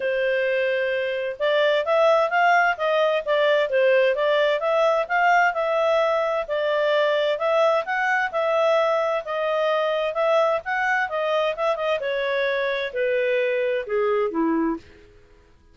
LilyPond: \new Staff \with { instrumentName = "clarinet" } { \time 4/4 \tempo 4 = 130 c''2. d''4 | e''4 f''4 dis''4 d''4 | c''4 d''4 e''4 f''4 | e''2 d''2 |
e''4 fis''4 e''2 | dis''2 e''4 fis''4 | dis''4 e''8 dis''8 cis''2 | b'2 gis'4 e'4 | }